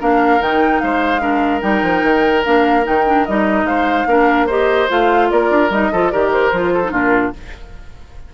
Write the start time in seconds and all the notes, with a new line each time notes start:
0.00 A#3 D4 A#4 F5
0.40 D#3 D#4 G5
0.80 G#3 C5 F5
1.20 D4 A#4
1.61 G3 D#4 G5
1.83 F3
2.03 D#3
2.45 A#3 D4 F5
2.84 D#3 D#4 G5
3.06 D4
3.26 G3 D#4 D#5
3.64 G#3 C5 F5
4.07 A#3 D4 A#4
4.47 G4 C5 D#5
4.89 A3 F4 F5
5.31 A#3 A#4 D5
5.51 D4
5.70 G3 D#4 D#5
5.92 F3 F4 A4
6.11 D#3 G4 A#4 D5
6.32 C5
6.52 F3 F4
6.74 A4
6.85 D#4
6.92 A#2 D4 F4 A#4